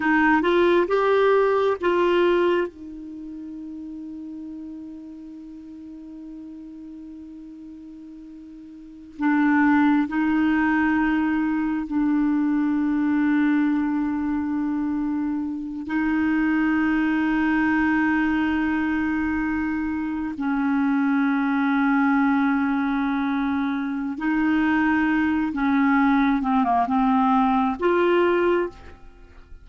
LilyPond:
\new Staff \with { instrumentName = "clarinet" } { \time 4/4 \tempo 4 = 67 dis'8 f'8 g'4 f'4 dis'4~ | dis'1~ | dis'2~ dis'16 d'4 dis'8.~ | dis'4~ dis'16 d'2~ d'8.~ |
d'4.~ d'16 dis'2~ dis'16~ | dis'2~ dis'8. cis'4~ cis'16~ | cis'2. dis'4~ | dis'8 cis'4 c'16 ais16 c'4 f'4 | }